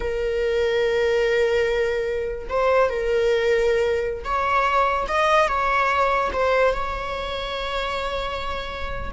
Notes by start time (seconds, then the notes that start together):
0.00 A#4
2.49 C5
2.89 A#4
4.24 C#5
5.07 D#5
5.48 C#5
6.32 C5
6.73 C#5